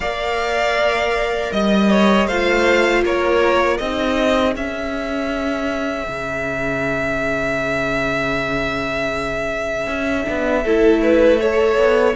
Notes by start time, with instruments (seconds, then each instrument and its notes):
0.00 cello A#3, viola A#4, violin D5 F5
1.52 cello G3, violin D#5
1.90 violin C#5
2.27 cello A3, viola F4, violin C5 F5
3.02 cello A#3, violin A#4 C#5
3.77 cello C4, viola D#4, violin G#4 D#5
4.55 cello C#4, viola C#4, violin E5
6.08 cello C#3
9.86 cello C#4
10.24 cello B3, viola D4
10.63 cello A3, viola E4, violin A4
11.02 violin B4
11.39 viola A4, violin C#5
11.76 cello B3